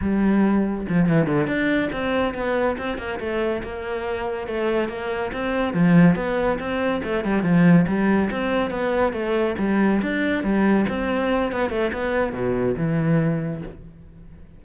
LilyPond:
\new Staff \with { instrumentName = "cello" } { \time 4/4 \tempo 4 = 141 g2 f8 e8 d8 d'8~ | d'8 c'4 b4 c'8 ais8 a8~ | a8 ais2 a4 ais8~ | ais8 c'4 f4 b4 c'8~ |
c'8 a8 g8 f4 g4 c'8~ | c'8 b4 a4 g4 d'8~ | d'8 g4 c'4. b8 a8 | b4 b,4 e2 | }